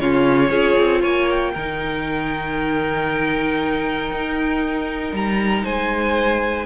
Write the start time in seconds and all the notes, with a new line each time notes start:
0.00 C#3 C#4 F4 C#5
0.50 C#4 F4 G#4
0.79 C4
1.01 A#3 C#5 G#5
1.30 G5
1.54 D#3 D#4 A#4
4.12 D#4
5.13 G3 A#5
5.64 G#3 C5 G#5